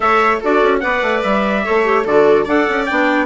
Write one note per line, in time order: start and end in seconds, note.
0.00 0.40 A3
0.00 0.41 A4
0.00 0.40 C#5
0.00 0.41 E5
0.40 0.62 D4
0.40 0.81 F#4
0.40 0.81 A4
0.40 0.79 D5
0.62 0.83 C#4
0.79 1.02 B3
0.79 1.63 B4
0.79 1.65 D5
0.79 1.20 F#5
1.02 1.22 A3
1.22 1.65 G3
1.22 2.05 E5
1.64 2.05 A3
1.64 1.84 A4
1.64 2.04 C#5
1.84 2.04 G4
2.04 2.46 D3
2.04 2.46 F#4
2.04 2.44 A4
2.04 2.47 D5
2.44 2.66 D4
2.44 2.87 A4
2.44 3.25 D5
2.44 2.85 F#5
2.69 2.89 C#4
2.85 3.25 B3
2.85 3.25 D4
2.85 3.25 G5